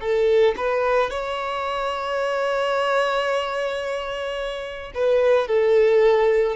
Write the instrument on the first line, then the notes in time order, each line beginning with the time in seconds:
violin
0.00 A4
0.57 B4
1.10 C#5
4.94 B4
5.47 A4